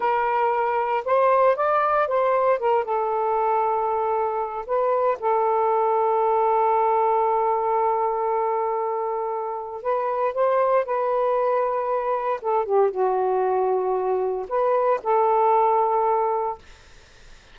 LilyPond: \new Staff \with { instrumentName = "saxophone" } { \time 4/4 \tempo 4 = 116 ais'2 c''4 d''4 | c''4 ais'8 a'2~ a'8~ | a'4 b'4 a'2~ | a'1~ |
a'2. b'4 | c''4 b'2. | a'8 g'8 fis'2. | b'4 a'2. | }